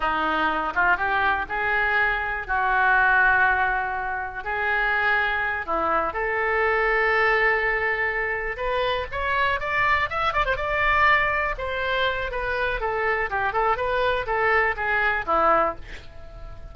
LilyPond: \new Staff \with { instrumentName = "oboe" } { \time 4/4 \tempo 4 = 122 dis'4. f'8 g'4 gis'4~ | gis'4 fis'2.~ | fis'4 gis'2~ gis'8 e'8~ | e'8 a'2.~ a'8~ |
a'4. b'4 cis''4 d''8~ | d''8 e''8 d''16 c''16 d''2 c''8~ | c''4 b'4 a'4 g'8 a'8 | b'4 a'4 gis'4 e'4 | }